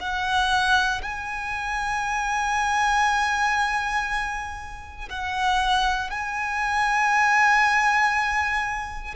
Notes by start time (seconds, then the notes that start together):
0.00 F#5
1.02 G#5
5.09 F#5
6.10 G#5